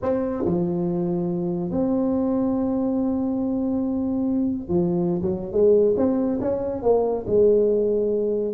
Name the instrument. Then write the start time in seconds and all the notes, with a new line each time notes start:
tuba
0.02 C4
0.45 F3
1.70 C4
4.68 F3
5.22 F#3
5.52 G#3
5.96 C4
6.40 C#4
6.82 A#3
7.26 G#3